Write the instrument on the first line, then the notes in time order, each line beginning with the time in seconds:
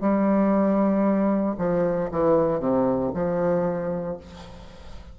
bassoon
0.00 G3
1.58 F3
2.11 E3
2.60 C3
3.14 F3